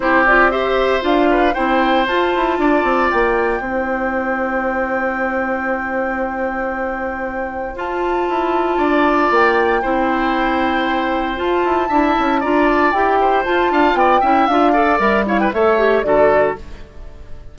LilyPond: <<
  \new Staff \with { instrumentName = "flute" } { \time 4/4 \tempo 4 = 116 c''8 d''8 e''4 f''4 g''4 | a''2 g''2~ | g''1~ | g''2. a''4~ |
a''2 g''2~ | g''2 a''2 | ais''8 a''8 g''4 a''4 g''4 | f''4 e''8 f''16 g''16 e''4 d''4 | }
  \new Staff \with { instrumentName = "oboe" } { \time 4/4 g'4 c''4. b'8 c''4~ | c''4 d''2 c''4~ | c''1~ | c''1~ |
c''4 d''2 c''4~ | c''2. e''4 | d''4. c''4 f''8 d''8 e''8~ | e''8 d''4 cis''16 b'16 cis''4 a'4 | }
  \new Staff \with { instrumentName = "clarinet" } { \time 4/4 e'8 f'8 g'4 f'4 e'4 | f'2. e'4~ | e'1~ | e'2. f'4~ |
f'2. e'4~ | e'2 f'4 e'4 | f'4 g'4 f'4. e'8 | f'8 a'8 ais'8 e'8 a'8 g'8 fis'4 | }
  \new Staff \with { instrumentName = "bassoon" } { \time 4/4 c'2 d'4 c'4 | f'8 e'8 d'8 c'8 ais4 c'4~ | c'1~ | c'2. f'4 |
e'4 d'4 ais4 c'4~ | c'2 f'8 e'8 d'8 cis'8 | d'4 e'4 f'8 d'8 b8 cis'8 | d'4 g4 a4 d4 | }
>>